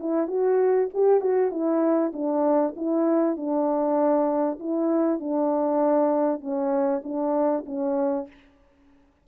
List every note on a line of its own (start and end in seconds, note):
0.00 0.28 E4
0.28 0.89 F#4
0.94 1.21 G4
1.21 1.51 F#4
1.51 2.13 E4
2.13 2.75 D4
2.76 3.37 E4
3.37 4.59 D4
4.59 5.20 E4
5.20 6.41 D4
6.41 7.02 C#4
7.04 7.65 D4
7.66 8.27 C#4